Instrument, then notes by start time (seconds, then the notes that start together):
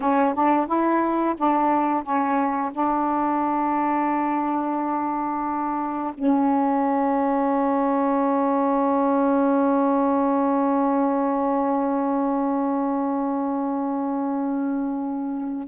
saxophone
0.00 C#4
0.34 D4
0.67 E4
1.37 D4
2.03 C#4
2.72 D4
6.14 C#4